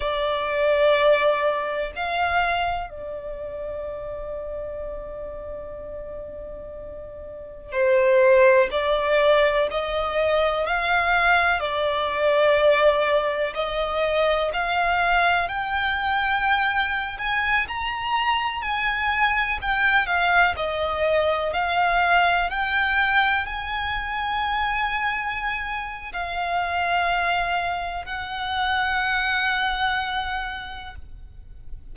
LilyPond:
\new Staff \with { instrumentName = "violin" } { \time 4/4 \tempo 4 = 62 d''2 f''4 d''4~ | d''1 | c''4 d''4 dis''4 f''4 | d''2 dis''4 f''4 |
g''4.~ g''16 gis''8 ais''4 gis''8.~ | gis''16 g''8 f''8 dis''4 f''4 g''8.~ | g''16 gis''2~ gis''8. f''4~ | f''4 fis''2. | }